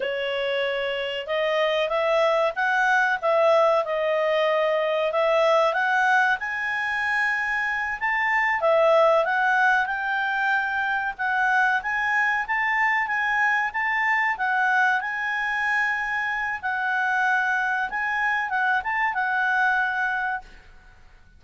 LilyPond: \new Staff \with { instrumentName = "clarinet" } { \time 4/4 \tempo 4 = 94 cis''2 dis''4 e''4 | fis''4 e''4 dis''2 | e''4 fis''4 gis''2~ | gis''8 a''4 e''4 fis''4 g''8~ |
g''4. fis''4 gis''4 a''8~ | a''8 gis''4 a''4 fis''4 gis''8~ | gis''2 fis''2 | gis''4 fis''8 a''8 fis''2 | }